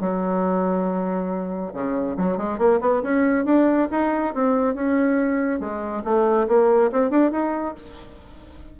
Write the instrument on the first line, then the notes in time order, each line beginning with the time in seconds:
bassoon
0.00 F#3
1.73 C#3
2.17 F#3
2.37 G#3
2.58 A#3
2.81 B3
3.02 C#4
3.45 D4
3.91 D#4
4.34 C4
4.74 C#4
5.60 G#3
6.04 A3
6.48 A#3
6.91 C4
7.10 D4
7.31 D#4